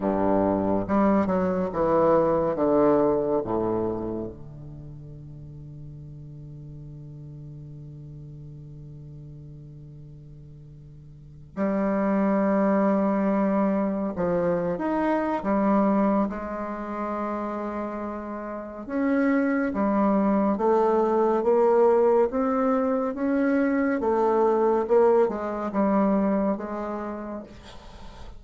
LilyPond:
\new Staff \with { instrumentName = "bassoon" } { \time 4/4 \tempo 4 = 70 g,4 g8 fis8 e4 d4 | a,4 d2.~ | d1~ | d4. g2~ g8~ |
g8 f8. dis'8. g4 gis4~ | gis2 cis'4 g4 | a4 ais4 c'4 cis'4 | a4 ais8 gis8 g4 gis4 | }